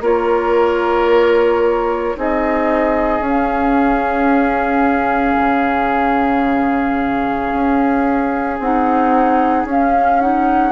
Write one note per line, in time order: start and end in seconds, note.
0.00 2.14 A#3
0.00 2.15 F4
0.00 2.16 A#4
0.00 2.18 C#5
2.15 3.20 C4
2.15 3.21 D#4
2.15 10.71 G#4
2.15 3.23 D#5
3.20 5.34 C#4
3.20 8.57 C#4
3.20 8.58 F5
5.38 7.52 C#3
7.52 8.59 C#4
8.59 9.64 C4
8.59 9.68 D#4
8.59 9.66 F#5
9.64 10.71 C#4
9.64 10.21 C#4
9.70 10.20 F5
10.20 10.71 D#4
10.20 10.71 F#5